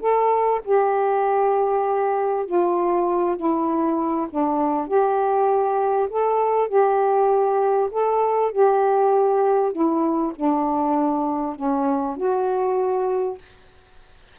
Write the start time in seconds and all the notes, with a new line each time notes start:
0.00 A4
0.64 G4
2.46 F4
3.36 E4
4.30 D4
4.87 G4
6.10 A4
6.68 G4
7.91 A4
8.52 G4
9.72 E4
10.35 D4
11.56 C#4
12.17 F#4